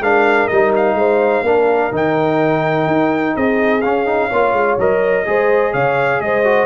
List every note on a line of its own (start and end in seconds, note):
0.00 0.48 G#3
0.00 0.51 D4
0.00 0.98 A#4
0.00 0.48 F5
0.48 0.94 G3
0.48 1.45 D#4
0.48 0.72 D#5
0.76 1.95 F5
0.94 1.42 G#3
0.94 1.45 C5
1.43 1.90 A#3
1.43 1.92 D4
1.43 3.35 A#4
1.92 2.87 D#3
1.92 3.82 D#4
1.92 3.36 G5
2.87 3.35 D#4
3.35 3.84 C4
3.35 4.29 G#4
3.35 3.81 D#5
3.81 4.31 C#4
3.81 4.06 C#4
3.81 4.77 F5
4.06 4.30 D#4
4.29 4.53 A#3
4.29 4.79 F4
4.29 5.25 C#5
4.53 4.77 G#3
4.78 5.26 F#3
4.78 5.26 A#4
4.78 5.73 D#5
5.26 5.74 G#3
5.26 6.44 G#4
5.26 5.73 C5
5.73 6.21 C#3
5.73 6.21 C#5
5.73 6.21 F5
6.21 6.66 G#3
6.21 6.66 C5
6.21 6.66 D#5
6.44 6.66 F#4